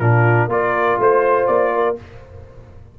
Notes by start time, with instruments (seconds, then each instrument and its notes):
0.00 tuba A#2, trombone D4, horn F4, trumpet A#4
0.48 tuba A#3, trombone F4, horn A#4, trumpet D5
0.99 tuba A3, horn C5, trumpet C5
1.47 tuba A#3, trumpet D5
1.75 horn A#4